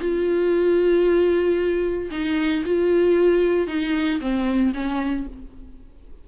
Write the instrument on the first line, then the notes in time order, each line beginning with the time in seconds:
viola
0.00 F4
2.11 D#4
2.66 F4
3.68 D#4
4.21 C4
4.74 C#4